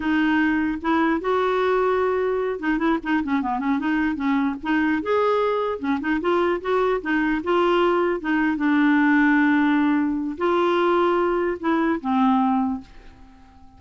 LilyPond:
\new Staff \with { instrumentName = "clarinet" } { \time 4/4 \tempo 4 = 150 dis'2 e'4 fis'4~ | fis'2~ fis'8 dis'8 e'8 dis'8 | cis'8 b8 cis'8 dis'4 cis'4 dis'8~ | dis'8 gis'2 cis'8 dis'8 f'8~ |
f'8 fis'4 dis'4 f'4.~ | f'8 dis'4 d'2~ d'8~ | d'2 f'2~ | f'4 e'4 c'2 | }